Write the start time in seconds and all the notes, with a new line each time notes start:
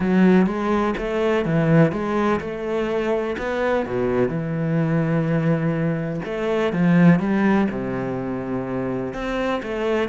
0.00 F#3
0.46 G#3
0.97 A3
1.45 E3
1.92 G#3
2.40 A3
3.38 B3
3.86 B2
4.28 E3
6.24 A3
6.72 F3
7.19 G3
7.70 C3
9.13 C4
9.62 A3